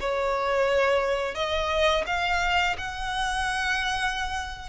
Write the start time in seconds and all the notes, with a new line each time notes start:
0.00 C#5
1.35 D#5
2.07 F5
2.78 F#5